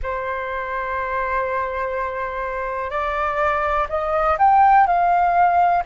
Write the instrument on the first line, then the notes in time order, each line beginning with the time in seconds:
flute
0.02 C5
2.90 D5
3.89 D#5
4.38 G5
4.86 F5